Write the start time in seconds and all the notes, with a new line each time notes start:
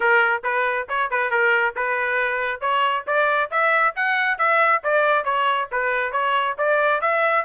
0.00 A#4
0.43 B4
0.89 C#5
1.10 B4
1.30 A#4
1.76 B4
2.60 C#5
3.06 D5
3.50 E5
3.95 F#5
4.38 E5
4.83 D5
5.24 C#5
5.71 B4
6.12 C#5
6.58 D5
7.01 E5